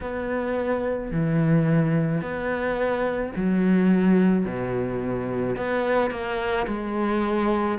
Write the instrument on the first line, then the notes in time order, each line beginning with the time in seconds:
cello
0.00 B3
1.11 E3
2.21 B3
3.36 F#3
4.45 B2
5.56 B3
6.11 A#3
6.67 G#3